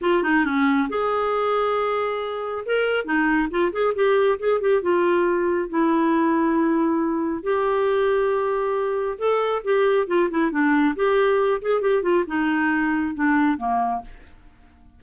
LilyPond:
\new Staff \with { instrumentName = "clarinet" } { \time 4/4 \tempo 4 = 137 f'8 dis'8 cis'4 gis'2~ | gis'2 ais'4 dis'4 | f'8 gis'8 g'4 gis'8 g'8 f'4~ | f'4 e'2.~ |
e'4 g'2.~ | g'4 a'4 g'4 f'8 e'8 | d'4 g'4. gis'8 g'8 f'8 | dis'2 d'4 ais4 | }